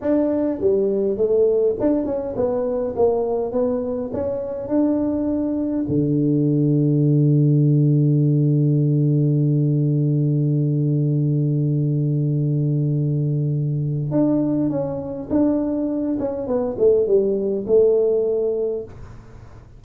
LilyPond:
\new Staff \with { instrumentName = "tuba" } { \time 4/4 \tempo 4 = 102 d'4 g4 a4 d'8 cis'8 | b4 ais4 b4 cis'4 | d'2 d2~ | d1~ |
d1~ | d1 | d'4 cis'4 d'4. cis'8 | b8 a8 g4 a2 | }